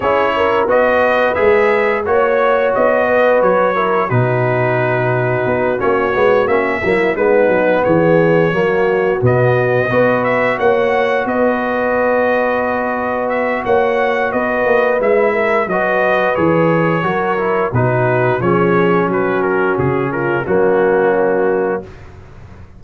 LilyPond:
<<
  \new Staff \with { instrumentName = "trumpet" } { \time 4/4 \tempo 4 = 88 cis''4 dis''4 e''4 cis''4 | dis''4 cis''4 b'2~ | b'8 cis''4 e''4 b'4 cis''8~ | cis''4. dis''4. e''8 fis''8~ |
fis''8 dis''2. e''8 | fis''4 dis''4 e''4 dis''4 | cis''2 b'4 cis''4 | b'8 ais'8 gis'8 ais'8 fis'2 | }
  \new Staff \with { instrumentName = "horn" } { \time 4/4 gis'8 ais'8 b'2 cis''4~ | cis''8 b'4 ais'8 fis'2~ | fis'2 e'8 dis'4 gis'8~ | gis'8 fis'2 b'4 cis''8~ |
cis''8 b'2.~ b'8 | cis''4 b'4. ais'8 b'4~ | b'4 ais'4 fis'4 gis'4 | fis'4. f'8 cis'2 | }
  \new Staff \with { instrumentName = "trombone" } { \time 4/4 e'4 fis'4 gis'4 fis'4~ | fis'4. e'8 dis'2~ | dis'8 cis'8 b8 cis'8 ais8 b4.~ | b8 ais4 b4 fis'4.~ |
fis'1~ | fis'2 e'4 fis'4 | gis'4 fis'8 e'8 dis'4 cis'4~ | cis'2 ais2 | }
  \new Staff \with { instrumentName = "tuba" } { \time 4/4 cis'4 b4 gis4 ais4 | b4 fis4 b,2 | b8 ais8 gis8 ais8 fis8 gis8 fis8 e8~ | e8 fis4 b,4 b4 ais8~ |
ais8 b2.~ b8 | ais4 b8 ais8 gis4 fis4 | e4 fis4 b,4 f4 | fis4 cis4 fis2 | }
>>